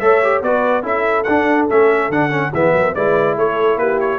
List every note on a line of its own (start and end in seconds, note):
0.00 0.42 A3
0.00 0.22 A4
0.00 0.42 C#5
0.00 0.42 E5
0.23 0.44 G4
0.42 0.83 B3
0.42 0.83 F#4
0.42 0.83 B4
0.42 0.85 D5
0.83 1.25 C#4
0.83 1.25 E4
0.83 2.51 A4
0.83 1.24 E5
1.24 1.70 D4
1.24 1.66 F#5
1.70 2.09 A3
1.70 2.12 C#4
1.70 2.11 E5
2.09 2.51 D3
2.09 2.30 D4
2.09 2.53 F#5
2.30 2.51 C#4
2.52 2.73 E3
2.52 2.96 B3
2.52 2.73 G#4
2.52 2.95 E5
2.73 2.94 F#3
2.73 2.94 A#4
2.94 3.37 G#3
2.94 4.19 E4
2.94 3.36 B4
2.94 3.37 D5
3.37 3.77 A3
3.37 3.79 A4
3.37 3.79 C#5
3.77 4.19 A#3
3.77 4.19 G4
3.77 4.00 B4
4.01 4.19 C#5